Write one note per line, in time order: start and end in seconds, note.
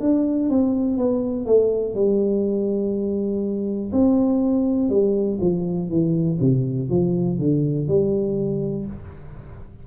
0.00 0.49 D4
0.49 0.97 C4
0.97 1.46 B3
1.46 1.94 A3
1.94 3.91 G3
3.92 4.89 C4
4.89 5.38 G3
5.41 5.89 F3
5.89 6.38 E3
6.40 6.89 C3
6.89 7.38 F3
7.38 7.87 D3
7.87 8.86 G3